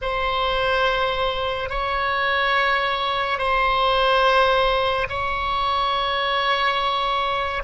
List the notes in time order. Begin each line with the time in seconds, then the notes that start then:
0.01 C5
1.69 C#5
3.38 C5
5.09 C#5